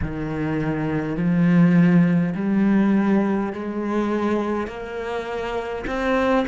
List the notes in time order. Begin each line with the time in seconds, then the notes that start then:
0.01 D#3
1.16 F3
2.35 G3
3.52 G#3
4.67 A#3
5.86 C4